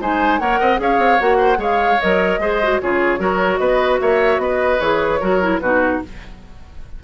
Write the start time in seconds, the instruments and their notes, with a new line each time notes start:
0.00 bassoon G#3, clarinet D#4, oboe C5, flute G#5
0.39 bassoon A#3, clarinet A#4, oboe C#5, flute F#5
0.59 bassoon C4, oboe D#5
0.77 bassoon C#4, clarinet G#4, oboe C#5, flute F5
0.98 bassoon C4
1.20 bassoon A#3, clarinet F#4, flute F#5
1.37 oboe C5
1.56 bassoon G#3, clarinet G#4, oboe C#5, flute F5
2.00 bassoon F#3, clarinet A#4, flute D#5
2.38 bassoon G#3, clarinet G#4, oboe C5
2.62 clarinet F#4
2.81 bassoon C#3, clarinet F4, oboe G#4, flute C#5
3.18 bassoon F#3, clarinet F#4, oboe A#4
3.57 bassoon B3, oboe B4, flute D#5
4.00 bassoon A#3, oboe C#5, flute E5
4.38 bassoon B3, oboe B4, flute D#5
4.80 bassoon E3, clarinet G#4, flute C#5
5.19 bassoon F#3, clarinet F#4, oboe A#4
5.41 clarinet E4
5.59 bassoon B2, clarinet D#4, oboe F#4, flute B4